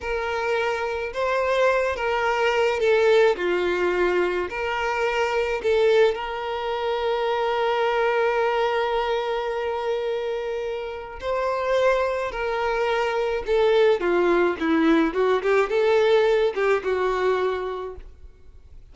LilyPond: \new Staff \with { instrumentName = "violin" } { \time 4/4 \tempo 4 = 107 ais'2 c''4. ais'8~ | ais'4 a'4 f'2 | ais'2 a'4 ais'4~ | ais'1~ |
ais'1 | c''2 ais'2 | a'4 f'4 e'4 fis'8 g'8 | a'4. g'8 fis'2 | }